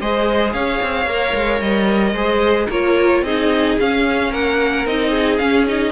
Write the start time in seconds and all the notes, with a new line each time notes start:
0.00 G#3 G#4 C5 D#5
0.52 C#4 C#5 F5
0.82 C4
1.06 A#3 A#4
1.34 G#3
1.60 G3 D#5
2.13 G#3 G#4 C5
2.69 A#3 F4 A#4 C#5
3.22 C4 D#4 G#4 D#5
3.79 C#4 F5
4.31 A#3 A#4 F#5
4.85 C4 D#4 D#5
5.10 G#4
5.38 C#4 F5
5.67 D#4 D#5